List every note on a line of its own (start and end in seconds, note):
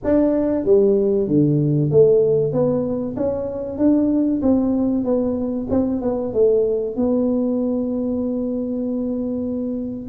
0.04 0.65 D4
0.65 1.27 G3
1.27 1.90 D3
1.90 2.52 A3
2.52 3.15 B3
3.16 3.78 C#4
3.78 4.41 D4
4.42 5.04 C4
5.04 5.67 B3
5.70 6.01 C4
6.01 6.33 B3
6.33 6.96 A3
6.96 10.09 B3